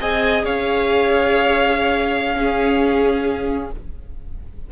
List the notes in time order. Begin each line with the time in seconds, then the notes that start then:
0.00 C4 G#4 D#5 G#5
0.44 C#4 C#5 F5
2.37 C#4 G#4